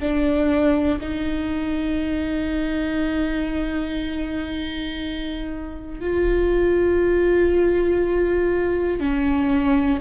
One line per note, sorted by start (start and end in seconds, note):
0.00 1.00 D4
1.01 6.01 D#4
6.01 9.00 F4
9.00 10.00 C#4